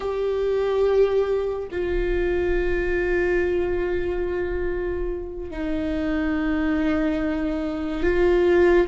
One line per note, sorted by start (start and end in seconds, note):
0.00 1.68 G4
1.71 5.50 F4
5.50 8.02 D#4
8.02 8.87 F4